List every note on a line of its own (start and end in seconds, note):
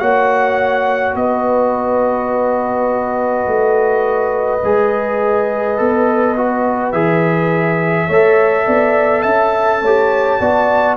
0.00 1.16 A#3
0.00 4.62 F#4
0.00 1.16 C#5
0.00 1.15 F#5
1.16 3.47 B3
1.16 8.07 B4
1.16 6.92 D#5
3.47 4.62 A3
4.65 5.80 G#3
4.65 5.78 G#4
5.78 6.94 B3
5.78 6.36 A4
6.37 6.94 F#4
6.92 8.09 E3
6.92 8.09 G#4
6.92 9.23 E5
8.07 8.67 A3
8.07 9.86 A4
8.07 8.65 C#5
8.67 9.25 B3
8.67 9.23 D5
9.23 9.82 C#4
9.23 9.81 E5
9.23 10.96 A5
9.82 10.40 A3
9.82 10.41 G4
9.82 10.40 C#5
10.40 10.98 B3
10.40 10.98 F#4
10.40 10.98 D5